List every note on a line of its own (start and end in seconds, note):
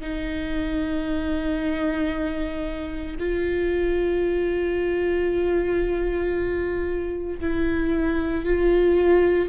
0.00 3.16 D#4
3.19 7.40 F4
7.40 8.44 E4
8.44 9.48 F4